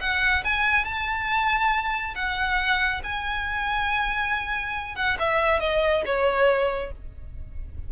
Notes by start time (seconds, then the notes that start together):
0.00 F#5
0.44 G#5
0.85 A5
2.15 F#5
3.03 G#5
4.95 F#5
5.19 E5
5.60 D#5
6.05 C#5